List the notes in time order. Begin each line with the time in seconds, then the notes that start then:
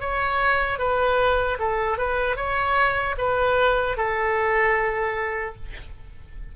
0.00 C#5
0.79 B4
1.59 A4
1.98 B4
2.36 C#5
3.18 B4
3.97 A4